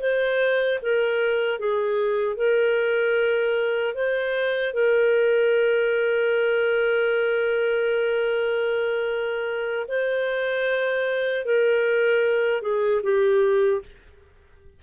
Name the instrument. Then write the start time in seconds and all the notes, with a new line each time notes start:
clarinet
0.00 C5
0.82 A#4
1.59 G#4
2.36 A#4
3.94 C5
4.73 A#4
9.88 C5
11.45 A#4
12.62 G#4
13.03 G4